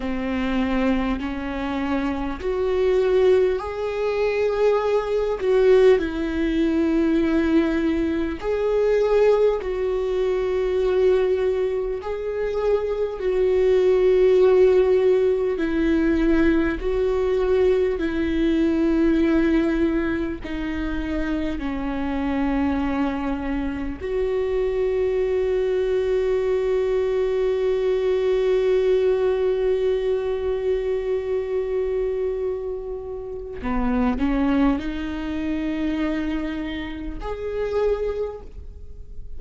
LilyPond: \new Staff \with { instrumentName = "viola" } { \time 4/4 \tempo 4 = 50 c'4 cis'4 fis'4 gis'4~ | gis'8 fis'8 e'2 gis'4 | fis'2 gis'4 fis'4~ | fis'4 e'4 fis'4 e'4~ |
e'4 dis'4 cis'2 | fis'1~ | fis'1 | b8 cis'8 dis'2 gis'4 | }